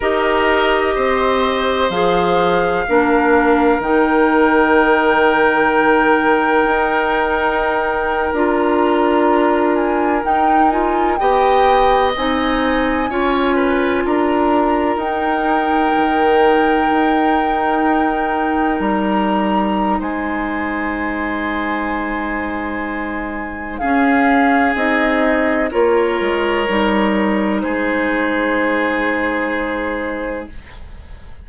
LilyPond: <<
  \new Staff \with { instrumentName = "flute" } { \time 4/4 \tempo 4 = 63 dis''2 f''2 | g''1~ | g''8. ais''4. gis''8 g''8 gis''8 g''16~ | g''8. gis''2 ais''4 g''16~ |
g''2.~ g''8. ais''16~ | ais''4 gis''2.~ | gis''4 f''4 dis''4 cis''4~ | cis''4 c''2. | }
  \new Staff \with { instrumentName = "oboe" } { \time 4/4 ais'4 c''2 ais'4~ | ais'1~ | ais'2.~ ais'8. dis''16~ | dis''4.~ dis''16 cis''8 b'8 ais'4~ ais'16~ |
ais'1~ | ais'4 c''2.~ | c''4 gis'2 ais'4~ | ais'4 gis'2. | }
  \new Staff \with { instrumentName = "clarinet" } { \time 4/4 g'2 gis'4 d'4 | dis'1~ | dis'8. f'2 dis'8 f'8 g'16~ | g'8. dis'4 f'2 dis'16~ |
dis'1~ | dis'1~ | dis'4 cis'4 dis'4 f'4 | dis'1 | }
  \new Staff \with { instrumentName = "bassoon" } { \time 4/4 dis'4 c'4 f4 ais4 | dis2. dis'4~ | dis'8. d'2 dis'4 b16~ | b8. c'4 cis'4 d'4 dis'16~ |
dis'8. dis4 dis'2 g16~ | g4 gis2.~ | gis4 cis'4 c'4 ais8 gis8 | g4 gis2. | }
>>